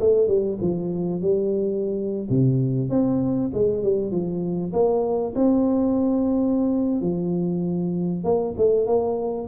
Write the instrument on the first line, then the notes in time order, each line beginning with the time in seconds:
tuba
0.00 A3
0.27 G3
0.61 F3
1.21 G3
2.29 C3
2.89 C4
3.53 G#3
3.83 G3
4.11 F3
4.73 A#3
5.35 C4
7.01 F3
8.24 A#3
8.57 A3
8.87 A#3